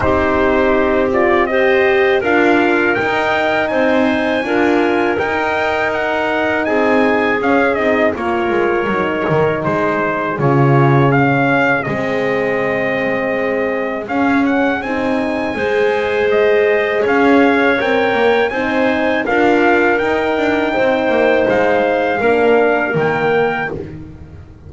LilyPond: <<
  \new Staff \with { instrumentName = "trumpet" } { \time 4/4 \tempo 4 = 81 c''4. d''8 dis''4 f''4 | g''4 gis''2 g''4 | fis''4 gis''4 f''8 dis''8 cis''4~ | cis''4 c''4 cis''4 f''4 |
dis''2. f''8 fis''8 | gis''2 dis''4 f''4 | g''4 gis''4 f''4 g''4~ | g''4 f''2 g''4 | }
  \new Staff \with { instrumentName = "clarinet" } { \time 4/4 g'2 c''4 ais'4~ | ais'4 c''4 ais'2~ | ais'4 gis'2 ais'4~ | ais'4 gis'2.~ |
gis'1~ | gis'4 c''2 cis''4~ | cis''4 c''4 ais'2 | c''2 ais'2 | }
  \new Staff \with { instrumentName = "horn" } { \time 4/4 dis'4. f'8 g'4 f'4 | dis'2 f'4 dis'4~ | dis'2 cis'8 dis'8 f'4 | dis'2 f'4 cis'4 |
c'2. cis'4 | dis'4 gis'2. | ais'4 dis'4 f'4 dis'4~ | dis'2 d'4 ais4 | }
  \new Staff \with { instrumentName = "double bass" } { \time 4/4 c'2. d'4 | dis'4 c'4 d'4 dis'4~ | dis'4 c'4 cis'8 c'8 ais8 gis8 | fis8 dis8 gis4 cis2 |
gis2. cis'4 | c'4 gis2 cis'4 | c'8 ais8 c'4 d'4 dis'8 d'8 | c'8 ais8 gis4 ais4 dis4 | }
>>